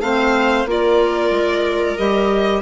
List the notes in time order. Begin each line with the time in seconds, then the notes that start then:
0.00 A3 C4 C5 F5
0.65 A#3 F4 A#4 D5
1.31 G#3
1.98 G3 G4 D#5